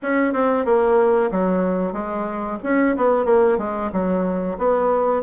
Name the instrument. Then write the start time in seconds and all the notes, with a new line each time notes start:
bassoon
0.02 C#4
0.33 C4
0.65 A#3
1.31 F#3
1.92 G#3
2.63 C#4
2.96 B3
3.25 A#3
3.58 G#3
3.92 F#3
4.58 B3